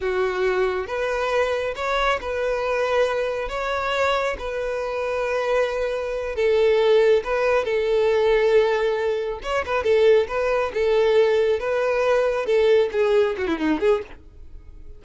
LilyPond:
\new Staff \with { instrumentName = "violin" } { \time 4/4 \tempo 4 = 137 fis'2 b'2 | cis''4 b'2. | cis''2 b'2~ | b'2~ b'8 a'4.~ |
a'8 b'4 a'2~ a'8~ | a'4. cis''8 b'8 a'4 b'8~ | b'8 a'2 b'4.~ | b'8 a'4 gis'4 fis'16 e'16 dis'8 gis'8 | }